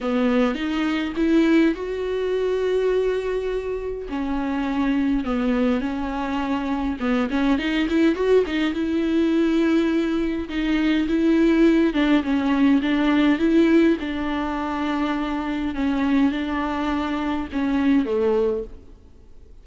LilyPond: \new Staff \with { instrumentName = "viola" } { \time 4/4 \tempo 4 = 103 b4 dis'4 e'4 fis'4~ | fis'2. cis'4~ | cis'4 b4 cis'2 | b8 cis'8 dis'8 e'8 fis'8 dis'8 e'4~ |
e'2 dis'4 e'4~ | e'8 d'8 cis'4 d'4 e'4 | d'2. cis'4 | d'2 cis'4 a4 | }